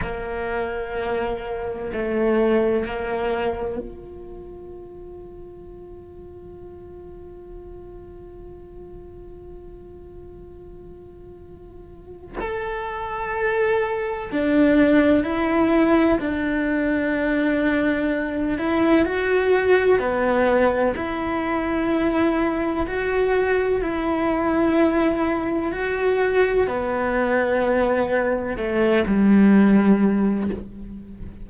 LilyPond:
\new Staff \with { instrumentName = "cello" } { \time 4/4 \tempo 4 = 63 ais2 a4 ais4 | f'1~ | f'1~ | f'4 a'2 d'4 |
e'4 d'2~ d'8 e'8 | fis'4 b4 e'2 | fis'4 e'2 fis'4 | b2 a8 g4. | }